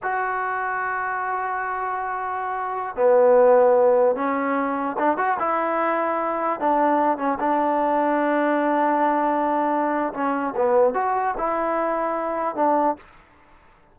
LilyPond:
\new Staff \with { instrumentName = "trombone" } { \time 4/4 \tempo 4 = 148 fis'1~ | fis'2.~ fis'16 b8.~ | b2~ b16 cis'4.~ cis'16~ | cis'16 d'8 fis'8 e'2~ e'8.~ |
e'16 d'4. cis'8 d'4.~ d'16~ | d'1~ | d'4 cis'4 b4 fis'4 | e'2. d'4 | }